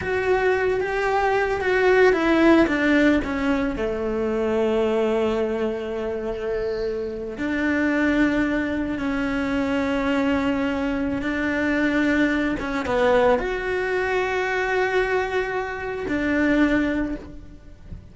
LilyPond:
\new Staff \with { instrumentName = "cello" } { \time 4/4 \tempo 4 = 112 fis'4. g'4. fis'4 | e'4 d'4 cis'4 a4~ | a1~ | a4.~ a16 d'2~ d'16~ |
d'8. cis'2.~ cis'16~ | cis'4 d'2~ d'8 cis'8 | b4 fis'2.~ | fis'2 d'2 | }